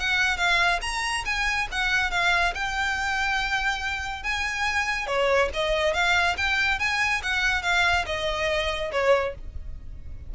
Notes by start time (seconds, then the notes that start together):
0.00 F#5
0.38 F5
0.82 A#5
1.26 G#5
1.72 F#5
2.11 F5
2.55 G5
4.23 G#5
5.07 C#5
5.54 D#5
5.94 F5
6.38 G5
6.79 G#5
7.23 F#5
7.63 F5
8.06 D#5
8.92 C#5